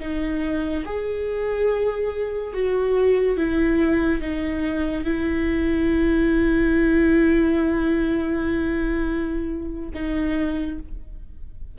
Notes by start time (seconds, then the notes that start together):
0.00 D#4
0.86 G#4
2.54 F#4
3.38 E4
4.22 D#4
5.05 E4
9.94 D#4